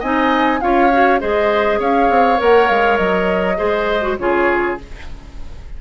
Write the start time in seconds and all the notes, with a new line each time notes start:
0.00 C4 D#4 D#5 G#5
0.61 C#4 F4 C#5 F5
0.93 F#4
1.20 G#3 G#4 C5 D#5
1.80 C#4 C#5 F5
2.10 C4
2.38 A#3 A#4 F#5
2.68 G#3 F5
2.98 F#3 D#5
3.57 G#3 G#4 C5
4.02 F#4
4.19 C#3 F4 G#4 C#5